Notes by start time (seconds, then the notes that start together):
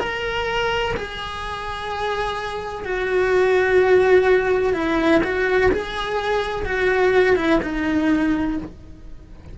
0.00 A#4
0.97 G#4
2.85 F#4
4.74 E4
5.24 F#4
5.72 G#4
6.66 F#4
7.36 E4
7.63 D#4